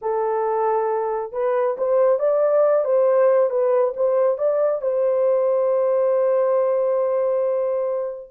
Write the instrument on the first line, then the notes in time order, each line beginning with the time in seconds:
horn
0.01 A4
1.32 B4
1.77 C5
2.19 D5
2.84 C5
3.50 B4
3.96 C5
4.38 D5
4.81 C5